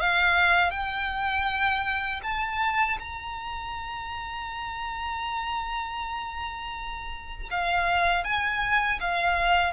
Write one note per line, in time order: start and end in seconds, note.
0.00 0.71 F5
0.71 2.21 G5
2.23 2.98 A5
2.99 7.49 A#5
7.50 8.24 F5
8.24 8.99 G#5
9.00 9.73 F5